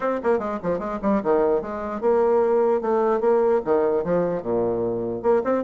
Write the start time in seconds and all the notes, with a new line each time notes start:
0.00 C4
0.23 A#3
0.38 G#3
0.62 F3
0.79 G#3
1.02 G3
1.23 D#3
1.61 G#3
2.00 A#3
2.81 A3
3.20 A#3
3.64 D#3
4.04 F3
4.42 A#2
5.22 A#3
5.44 C4